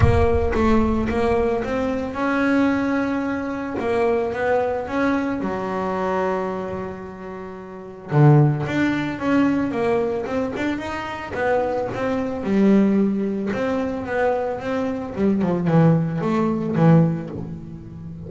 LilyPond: \new Staff \with { instrumentName = "double bass" } { \time 4/4 \tempo 4 = 111 ais4 a4 ais4 c'4 | cis'2. ais4 | b4 cis'4 fis2~ | fis2. d4 |
d'4 cis'4 ais4 c'8 d'8 | dis'4 b4 c'4 g4~ | g4 c'4 b4 c'4 | g8 f8 e4 a4 e4 | }